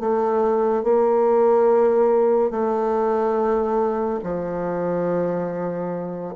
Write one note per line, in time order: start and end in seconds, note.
0.00 0.84 A3
0.84 2.51 A#3
2.51 4.20 A3
4.24 6.35 F3